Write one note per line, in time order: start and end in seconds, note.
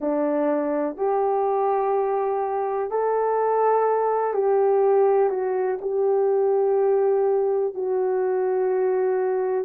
0.00 0.97 D4
0.97 2.90 G4
2.90 4.33 A4
4.33 5.29 G4
5.29 5.78 F#4
5.81 7.74 G4
7.74 9.65 F#4